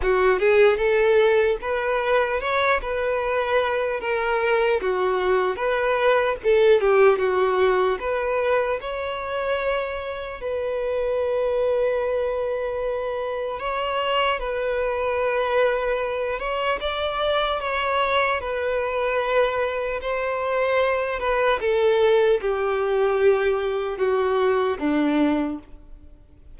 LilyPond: \new Staff \with { instrumentName = "violin" } { \time 4/4 \tempo 4 = 75 fis'8 gis'8 a'4 b'4 cis''8 b'8~ | b'4 ais'4 fis'4 b'4 | a'8 g'8 fis'4 b'4 cis''4~ | cis''4 b'2.~ |
b'4 cis''4 b'2~ | b'8 cis''8 d''4 cis''4 b'4~ | b'4 c''4. b'8 a'4 | g'2 fis'4 d'4 | }